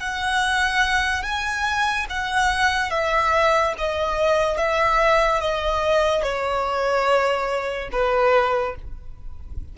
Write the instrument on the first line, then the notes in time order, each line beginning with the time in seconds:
violin
0.00 F#5
1.23 G#5
2.09 F#5
2.90 E5
3.78 D#5
4.57 E5
5.40 D#5
6.23 C#5
7.92 B4